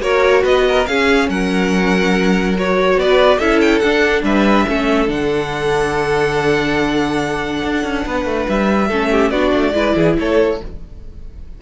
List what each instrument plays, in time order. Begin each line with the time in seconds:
0.00 cello A#3, viola F#4, violin A#4 C#5
0.42 cello B3, violin B4 D#5
0.68 violin A#4
0.86 viola C#4, cello C#4, violin G#4 F5
1.28 cello F#3, violin A#4 F#5
2.55 viola F#4, violin C#5
2.95 cello B3, violin D5
3.02 violin B4
3.38 cello C#4, viola E4, violin A4 E5
3.61 violin G5
3.79 cello D4, viola D4, violin F#5
4.23 cello G3, violin B4 E5
4.68 cello A3, viola C#4, violin A4
5.07 cello D3, viola D4, violin F#5
7.63 cello D4
7.84 cello C#4
8.05 cello B3, violin B4
8.25 cello A3
8.48 cello G3, violin E5
8.88 cello A3, viola C#4, violin A4
9.11 violin G4
9.30 cello B3, viola D4, violin F#4 D5
9.53 cello A3
9.72 cello G#3, viola E4, violin B4
9.96 cello E3, violin G#4
10.18 cello A3, violin A4 C#5